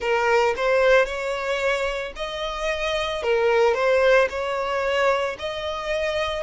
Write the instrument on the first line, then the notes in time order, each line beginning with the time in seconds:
violin
0.00 A#4
0.56 C5
1.05 C#5
2.16 D#5
3.22 A#4
3.74 C5
4.29 C#5
5.39 D#5